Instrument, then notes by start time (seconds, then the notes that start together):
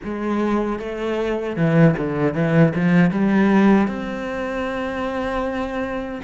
cello
0.04 G#3
0.79 A3
1.56 E3
1.97 D3
2.34 E3
2.75 F3
3.10 G3
3.87 C4